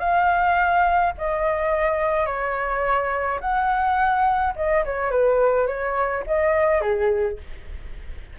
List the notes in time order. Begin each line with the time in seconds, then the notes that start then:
0.00 F5
1.18 D#5
2.27 C#5
3.41 F#5
4.56 D#5
4.86 C#5
5.11 B4
5.68 C#5
6.27 D#5
6.82 G#4